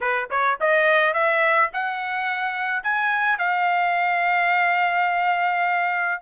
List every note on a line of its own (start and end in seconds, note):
0.00 0.29 B4
0.30 0.58 C#5
0.60 1.13 D#5
1.13 1.70 E5
1.73 2.83 F#5
2.83 3.38 G#5
3.38 6.21 F5